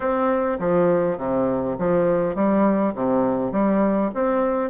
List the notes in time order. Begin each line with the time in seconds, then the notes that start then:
0.00 C4
0.59 F3
1.17 C3
1.78 F3
2.35 G3
2.94 C3
3.52 G3
4.14 C4